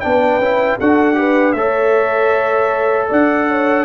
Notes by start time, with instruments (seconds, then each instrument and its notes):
0.00 tuba B3, trombone D4, horn B4, trumpet G5
0.38 tuba C#4, trombone E4
0.79 tuba D4, trombone F#4, horn A4, trumpet F#5
1.14 trombone G4, horn B4
1.52 tuba A3, trombone A4, horn C#5, trumpet E5
3.08 tuba D4, horn D5, trumpet F#5
3.48 horn C#5